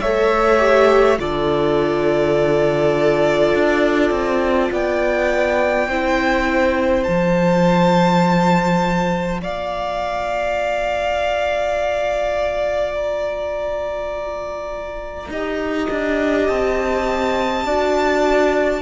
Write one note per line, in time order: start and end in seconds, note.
0.00 1.18 A3
0.00 0.58 A4
0.00 1.20 C#5
0.00 1.18 E5
0.58 1.16 G4
1.18 3.53 D3
1.18 5.89 F4
1.18 4.72 A4
1.18 4.72 D5
3.54 4.11 D4
4.11 4.70 C4
4.71 5.88 B3
4.71 5.88 D5
4.71 7.03 G5
5.88 7.06 C4
5.88 7.06 E4
5.88 9.41 C5
7.03 9.42 F3
7.03 15.29 F4
7.03 9.39 A5
9.42 15.29 A#3
9.42 15.30 D5
9.42 12.94 F5
12.94 16.47 A#5
15.29 15.87 D#4
15.29 17.66 G4
15.29 17.66 D#5
15.90 16.49 D4
16.47 17.65 C4
16.47 18.82 A5
17.65 18.82 D4
17.65 18.82 F#4
17.65 18.82 D5